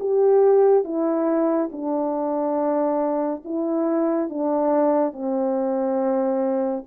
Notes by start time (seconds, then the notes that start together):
0.00 G4
0.85 E4
1.72 D4
3.45 E4
4.30 D4
5.13 C4